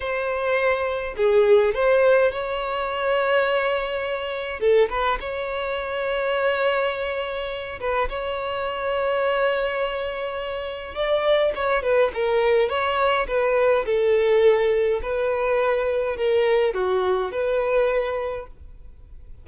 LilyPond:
\new Staff \with { instrumentName = "violin" } { \time 4/4 \tempo 4 = 104 c''2 gis'4 c''4 | cis''1 | a'8 b'8 cis''2.~ | cis''4. b'8 cis''2~ |
cis''2. d''4 | cis''8 b'8 ais'4 cis''4 b'4 | a'2 b'2 | ais'4 fis'4 b'2 | }